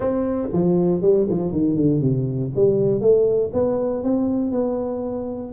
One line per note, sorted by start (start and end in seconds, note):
0.00 0.48 C4
0.52 1.01 F3
1.01 1.27 G3
1.29 1.51 F3
1.51 1.76 D#3
1.76 2.00 D3
2.00 2.51 C3
2.55 3.00 G3
3.00 3.51 A3
3.53 4.03 B3
4.03 4.51 C4
4.51 5.52 B3